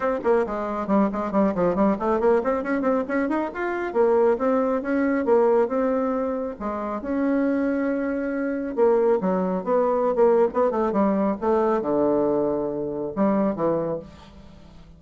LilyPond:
\new Staff \with { instrumentName = "bassoon" } { \time 4/4 \tempo 4 = 137 c'8 ais8 gis4 g8 gis8 g8 f8 | g8 a8 ais8 c'8 cis'8 c'8 cis'8 dis'8 | f'4 ais4 c'4 cis'4 | ais4 c'2 gis4 |
cis'1 | ais4 fis4 b4~ b16 ais8. | b8 a8 g4 a4 d4~ | d2 g4 e4 | }